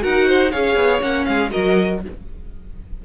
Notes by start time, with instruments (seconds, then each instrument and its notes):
0.00 cello D#4, viola F#4, violin A#4 F#5
0.28 violin C5
0.52 cello C#4, viola G#4, violin C#5 F5
0.76 cello B3
1.01 cello A#3, viola C#4, violin F#5
1.25 cello G#3, violin G#4 F5
1.50 cello F#3, viola F#4, violin A#4 D#5